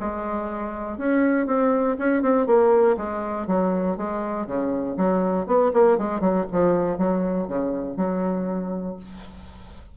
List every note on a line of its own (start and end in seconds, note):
0.00 0.98 G#3
0.98 1.47 C#4
1.47 1.97 C4
1.99 2.22 C#4
2.22 2.47 C4
2.47 2.97 A#3
2.97 3.47 G#3
3.47 3.97 F#3
3.97 4.47 G#3
4.47 4.97 C#3
4.97 5.47 F#3
5.47 5.72 B3
5.74 5.98 A#3
5.98 6.21 G#3
6.21 6.46 F#3
6.52 6.98 F3
6.98 7.48 F#3
7.48 7.97 C#3
7.97 8.97 F#3